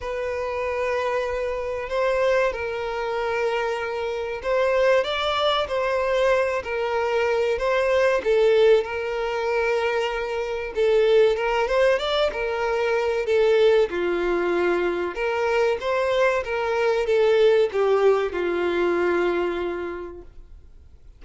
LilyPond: \new Staff \with { instrumentName = "violin" } { \time 4/4 \tempo 4 = 95 b'2. c''4 | ais'2. c''4 | d''4 c''4. ais'4. | c''4 a'4 ais'2~ |
ais'4 a'4 ais'8 c''8 d''8 ais'8~ | ais'4 a'4 f'2 | ais'4 c''4 ais'4 a'4 | g'4 f'2. | }